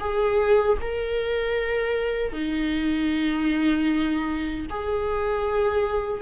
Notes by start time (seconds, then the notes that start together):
0.00 G#4
0.81 A#4
2.33 D#4
4.70 G#4